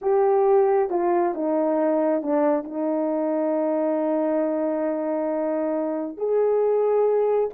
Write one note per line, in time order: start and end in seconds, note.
0.01 0.90 G4
0.90 1.34 F4
1.34 2.22 D#4
2.22 2.64 D4
2.64 6.17 D#4
6.17 7.49 G#4